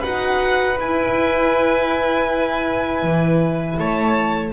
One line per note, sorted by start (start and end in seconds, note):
0.00 0.79 D#4
0.00 0.76 F#4
0.00 3.75 B4
0.00 0.78 F#5
0.76 4.51 E4
0.76 3.03 E4
0.76 3.79 G#5
3.03 3.78 E3
3.79 4.53 A3
3.79 4.53 C#5
3.79 4.53 A5